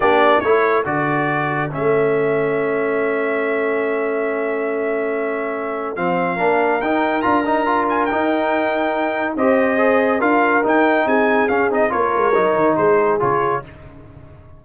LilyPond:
<<
  \new Staff \with { instrumentName = "trumpet" } { \time 4/4 \tempo 4 = 141 d''4 cis''4 d''2 | e''1~ | e''1~ | e''2 f''2 |
g''4 ais''4. gis''8 g''4~ | g''2 dis''2 | f''4 g''4 gis''4 f''8 dis''8 | cis''2 c''4 cis''4 | }
  \new Staff \with { instrumentName = "horn" } { \time 4/4 g'4 a'2.~ | a'1~ | a'1~ | a'2. ais'4~ |
ais'1~ | ais'2 c''2 | ais'2 gis'2 | ais'2 gis'2 | }
  \new Staff \with { instrumentName = "trombone" } { \time 4/4 d'4 e'4 fis'2 | cis'1~ | cis'1~ | cis'2 c'4 d'4 |
dis'4 f'8 dis'8 f'4 dis'4~ | dis'2 g'4 gis'4 | f'4 dis'2 cis'8 dis'8 | f'4 dis'2 f'4 | }
  \new Staff \with { instrumentName = "tuba" } { \time 4/4 ais4 a4 d2 | a1~ | a1~ | a2 f4 ais4 |
dis'4 d'2 dis'4~ | dis'2 c'2 | d'4 dis'4 c'4 cis'8 c'8 | ais8 gis8 fis8 dis8 gis4 cis4 | }
>>